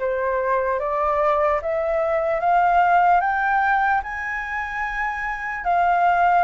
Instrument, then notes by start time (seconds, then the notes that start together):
flute
0.00 C5
0.80 D5
1.62 E5
2.41 F5
3.21 G5
4.03 G#5
5.65 F5